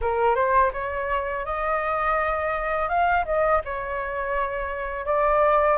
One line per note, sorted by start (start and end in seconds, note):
0.01 0.35 A#4
0.35 0.71 C5
0.73 1.45 C#5
1.45 2.88 D#5
2.88 3.25 F5
3.25 3.61 D#5
3.64 5.05 C#5
5.05 5.77 D5